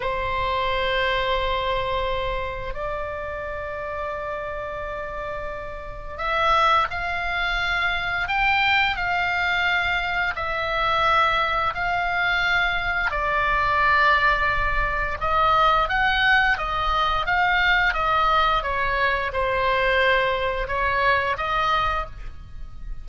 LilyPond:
\new Staff \with { instrumentName = "oboe" } { \time 4/4 \tempo 4 = 87 c''1 | d''1~ | d''4 e''4 f''2 | g''4 f''2 e''4~ |
e''4 f''2 d''4~ | d''2 dis''4 fis''4 | dis''4 f''4 dis''4 cis''4 | c''2 cis''4 dis''4 | }